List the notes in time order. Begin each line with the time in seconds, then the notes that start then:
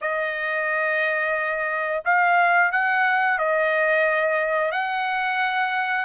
0.01 D#5
2.04 F5
2.71 F#5
3.38 D#5
4.71 F#5